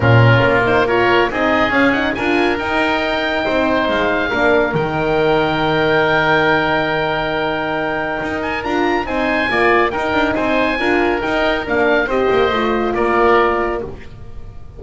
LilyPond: <<
  \new Staff \with { instrumentName = "oboe" } { \time 4/4 \tempo 4 = 139 ais'4. c''8 cis''4 dis''4 | f''8 fis''8 gis''4 g''2~ | g''4 f''2 g''4~ | g''1~ |
g''2.~ g''8 gis''8 | ais''4 gis''2 g''4 | gis''2 g''4 f''4 | dis''2 d''2 | }
  \new Staff \with { instrumentName = "oboe" } { \time 4/4 f'2 ais'4 gis'4~ | gis'4 ais'2. | c''2 ais'2~ | ais'1~ |
ais'1~ | ais'4 c''4 d''4 ais'4 | c''4 ais'2. | c''2 ais'2 | }
  \new Staff \with { instrumentName = "horn" } { \time 4/4 cis'4. dis'8 f'4 dis'4 | cis'8 dis'8 f'4 dis'2~ | dis'2 d'4 dis'4~ | dis'1~ |
dis'1 | f'4 dis'4 f'4 dis'4~ | dis'4 f'4 dis'4 d'4 | g'4 f'2. | }
  \new Staff \with { instrumentName = "double bass" } { \time 4/4 ais,4 ais2 c'4 | cis'4 d'4 dis'2 | c'4 gis4 ais4 dis4~ | dis1~ |
dis2. dis'4 | d'4 c'4 ais4 dis'8 d'8 | c'4 d'4 dis'4 ais4 | c'8 ais8 a4 ais2 | }
>>